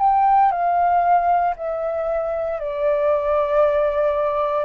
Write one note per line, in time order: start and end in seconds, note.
0.00 0.52 G5
0.52 1.55 F5
1.57 2.60 E5
2.60 4.65 D5